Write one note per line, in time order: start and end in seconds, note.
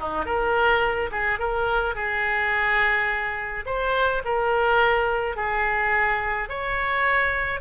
0.00 0.25 D#4
0.25 1.10 A#4
1.12 1.39 G#4
1.39 1.95 A#4
1.95 3.65 G#4
3.66 4.22 C5
4.25 5.36 A#4
5.36 6.49 G#4
6.49 7.61 C#5